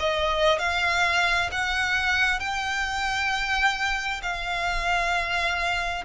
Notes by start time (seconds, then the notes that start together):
0.00 D#5
0.60 F5
1.52 F#5
2.40 G5
4.23 F5